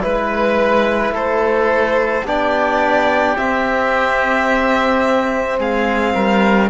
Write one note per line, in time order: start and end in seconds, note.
0.00 1.11 G#3
0.00 2.22 E4
0.00 1.13 B4
0.00 1.14 B4
1.11 2.22 A3
1.11 2.25 A4
1.11 2.26 C5
2.25 3.36 B3
2.25 3.36 D4
2.25 5.58 G4
2.25 3.37 D5
3.36 6.70 C4
3.36 5.59 C4
3.36 5.59 E5
5.58 6.14 G#3
5.58 6.13 G#4
5.58 6.70 F5
6.14 6.70 G3
6.14 6.70 A#4